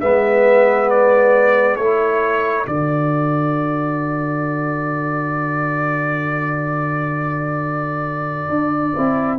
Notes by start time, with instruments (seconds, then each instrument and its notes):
0.00 tuba G#3, trombone B3, horn B4, trumpet E5
0.90 trumpet D5
1.76 tuba A3, trombone E4, horn A4, trumpet C#5
2.66 tuba D3, trombone F#4, trumpet D5
8.49 tuba D4
8.96 tuba C4, trombone E4